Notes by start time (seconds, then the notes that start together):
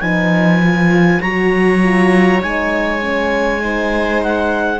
0.00 F3 D#4 B4 G#5
0.63 F4
1.21 F#3 F#4 C#5 A#5
1.82 F4
2.41 G#3 D#4 G#5
3.00 C#4
3.59 D#4 C5
4.22 F#5